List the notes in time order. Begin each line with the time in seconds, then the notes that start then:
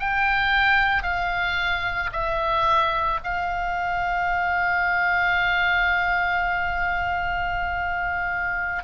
0.00 G5
1.03 F5
2.13 E5
3.24 F5